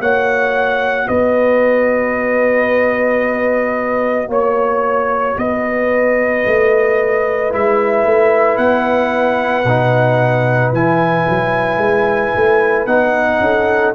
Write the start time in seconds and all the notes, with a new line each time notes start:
0.00 A#3 F#4 C#5 F#5
1.08 B3 B4 D#5
4.28 A#3 C#5
5.37 B3 B4 D#5
6.46 A3
7.50 G#3 E4 E5
8.05 A3
8.57 B3 F#5
9.65 B2 D#4
10.72 E3 E4 G#5
11.29 F#3
11.77 G#3
12.36 A3
12.86 B3 D#4 F#5
13.40 C#4 A4